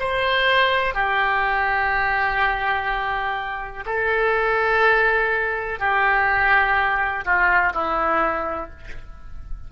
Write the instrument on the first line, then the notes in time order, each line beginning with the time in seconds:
oboe
0.00 C5
0.95 G4
3.86 A4
5.80 G4
7.25 F4
7.74 E4